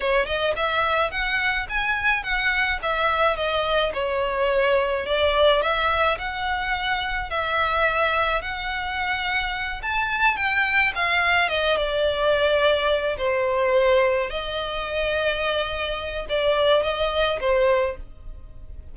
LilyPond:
\new Staff \with { instrumentName = "violin" } { \time 4/4 \tempo 4 = 107 cis''8 dis''8 e''4 fis''4 gis''4 | fis''4 e''4 dis''4 cis''4~ | cis''4 d''4 e''4 fis''4~ | fis''4 e''2 fis''4~ |
fis''4. a''4 g''4 f''8~ | f''8 dis''8 d''2~ d''8 c''8~ | c''4. dis''2~ dis''8~ | dis''4 d''4 dis''4 c''4 | }